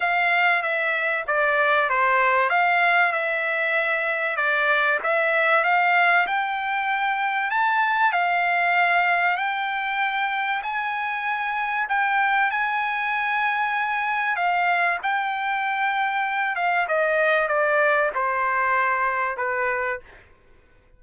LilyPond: \new Staff \with { instrumentName = "trumpet" } { \time 4/4 \tempo 4 = 96 f''4 e''4 d''4 c''4 | f''4 e''2 d''4 | e''4 f''4 g''2 | a''4 f''2 g''4~ |
g''4 gis''2 g''4 | gis''2. f''4 | g''2~ g''8 f''8 dis''4 | d''4 c''2 b'4 | }